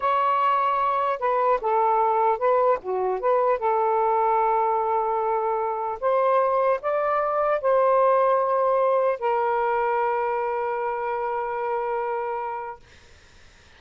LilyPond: \new Staff \with { instrumentName = "saxophone" } { \time 4/4 \tempo 4 = 150 cis''2. b'4 | a'2 b'4 fis'4 | b'4 a'2.~ | a'2. c''4~ |
c''4 d''2 c''4~ | c''2. ais'4~ | ais'1~ | ais'1 | }